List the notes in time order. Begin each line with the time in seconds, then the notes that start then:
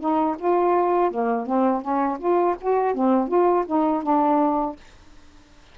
0.00 D#4
0.39 F4
1.11 A#3
1.47 C4
1.82 C#4
2.19 F4
2.61 F#4
2.95 C4
3.29 F4
3.67 D#4
4.03 D4